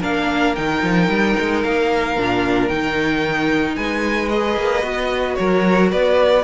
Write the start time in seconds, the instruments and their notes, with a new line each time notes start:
0.00 cello A#3, viola D4, violin A#4 F5
0.55 cello D#3, viola D#4, violin G5
0.83 cello F3
1.08 cello G3
1.39 cello G#3
1.63 cello A#3, violin F5
2.17 cello A#2, viola D4
2.68 cello D#3, viola D#4, violin G5
3.76 cello G#3, violin B4 G#5
4.29 viola G#4, violin D#5
4.57 cello A#3
4.82 cello B3, viola F#4
5.35 cello F#3, violin A#4 C#5
5.91 cello B3, violin B4 D5